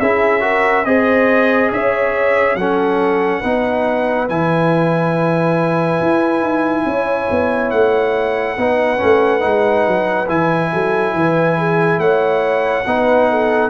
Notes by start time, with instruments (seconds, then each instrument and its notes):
0.00 tuba C#4, trombone E4, horn G#4, trumpet E5
0.40 trombone F#4, horn A#4
0.85 tuba C4, trombone G#4, horn C5, trumpet D#5
1.72 tuba C#4, horn C#5, trumpet E5
2.55 tuba F#3, trombone C#4, horn A4, trumpet F#5
3.40 tuba B3, trombone D#4, horn B4
4.29 tuba E3, trombone E4, trumpet G#5
6.00 tuba E4
6.41 tuba D#4
6.86 tuba C#4, horn C#5
7.31 tuba B3
7.71 tuba A3, trumpet F#5
8.58 tuba B3, trombone D#4, horn B4
8.97 tuba A3, trombone C#4
9.40 tuba G#3, trombone D#4
9.87 tuba F#3
10.28 tuba E3, trombone E4, trumpet G#5
10.72 tuba F#3, horn A4
11.14 tuba E3, horn B4
11.58 horn G#4
11.99 tuba A3, horn C#5, trumpet F#5
12.86 tuba B3, trombone D#4, horn B4
13.30 horn A4